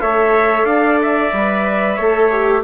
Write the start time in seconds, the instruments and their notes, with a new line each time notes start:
0.00 bassoon A3, viola A4, trumpet C#5 E5
0.65 bassoon D4, trumpet D5 F5
1.02 trumpet E5
1.33 bassoon G3, viola B4
1.96 bassoon A3, viola A4, trumpet C#5
2.31 viola G4